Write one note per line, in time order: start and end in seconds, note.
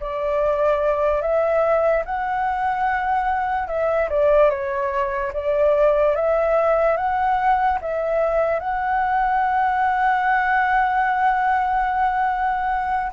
0.00 1.21 D5
1.21 2.04 E5
2.05 3.68 F#5
3.68 4.09 E5
4.09 4.50 D5
4.50 5.32 C#5
5.33 6.16 D5
6.16 6.97 E5
6.97 7.79 F#5
7.81 8.60 E5
8.60 13.12 F#5